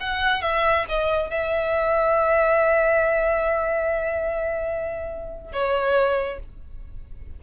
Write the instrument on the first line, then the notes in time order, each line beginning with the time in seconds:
violin
0.00 F#5
0.42 E5
0.88 D#5
1.30 E5
5.52 C#5